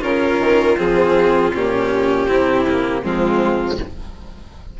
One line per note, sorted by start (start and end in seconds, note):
0.00 0.38 C#3
0.00 0.76 C#4
0.00 2.25 F4
0.00 0.78 A#4
0.38 0.76 D#3
0.77 1.54 F3
0.77 1.52 C4
0.77 1.53 G#4
1.54 2.29 A#2
1.54 2.27 C#4
1.54 3.04 G4
2.27 3.04 C3
2.27 2.65 C4
2.27 3.03 E4
2.69 3.02 A#3
3.02 3.79 F3
3.02 3.77 G#3
3.02 3.78 C4
3.02 3.79 F4